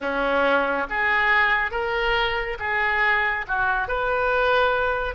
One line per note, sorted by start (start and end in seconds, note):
0.00 0.87 C#4
0.89 1.71 G#4
1.71 2.57 A#4
2.59 3.45 G#4
3.47 3.87 F#4
3.87 5.14 B4